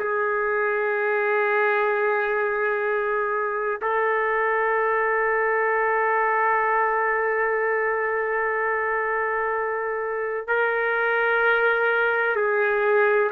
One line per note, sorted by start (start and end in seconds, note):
0.00 3.81 G#4
3.82 10.48 A4
10.48 12.36 A#4
12.36 13.32 G#4